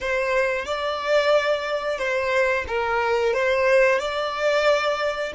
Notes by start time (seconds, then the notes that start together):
0.00 C5
0.65 D5
1.98 C5
2.67 A#4
3.33 C5
3.99 D5